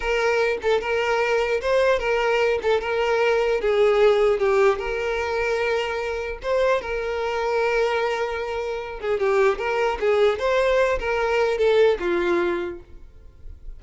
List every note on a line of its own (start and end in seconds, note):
0.00 0.58 A#4
0.61 0.81 A4
0.81 1.61 A#4
1.61 1.99 C5
1.99 2.59 A#4
2.62 2.81 A4
2.81 3.60 A#4
3.60 4.39 G#4
4.39 4.79 G4
4.79 6.39 A#4
6.42 6.81 C5
6.81 8.99 A#4
8.99 9.19 G#4
9.19 9.58 G4
9.58 9.98 A#4
10.00 10.39 G#4
10.39 10.99 C5
10.99 11.58 A#4
11.58 11.98 A4
11.99 12.79 F4